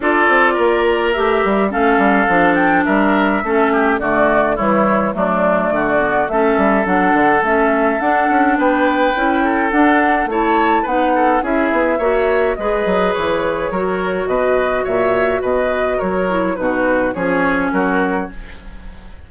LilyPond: <<
  \new Staff \with { instrumentName = "flute" } { \time 4/4 \tempo 4 = 105 d''2 e''4 f''4~ | f''8 g''8 e''2 d''4 | cis''4 d''2 e''4 | fis''4 e''4 fis''4 g''4~ |
g''4 fis''4 a''4 fis''4 | e''2 dis''4 cis''4~ | cis''4 dis''4 e''4 dis''4 | cis''4 b'4 cis''4 ais'4 | }
  \new Staff \with { instrumentName = "oboe" } { \time 4/4 a'4 ais'2 a'4~ | a'4 ais'4 a'8 g'8 fis'4 | e'4 d'4 fis'4 a'4~ | a'2. b'4~ |
b'8 a'4. cis''4 b'8 a'8 | gis'4 cis''4 b'2 | ais'4 b'4 cis''4 b'4 | ais'4 fis'4 gis'4 fis'4 | }
  \new Staff \with { instrumentName = "clarinet" } { \time 4/4 f'2 g'4 cis'4 | d'2 cis'4 a4 | g4 a4. b8 cis'4 | d'4 cis'4 d'2 |
e'4 d'4 e'4 dis'4 | e'4 fis'4 gis'2 | fis'1~ | fis'8 e'8 dis'4 cis'2 | }
  \new Staff \with { instrumentName = "bassoon" } { \time 4/4 d'8 c'8 ais4 a8 g8 a8 g8 | f4 g4 a4 d4 | e4 fis4 d4 a8 g8 | fis8 d8 a4 d'8 cis'8 b4 |
cis'4 d'4 a4 b4 | cis'8 b8 ais4 gis8 fis8 e4 | fis4 b,4 ais,4 b,4 | fis4 b,4 f4 fis4 | }
>>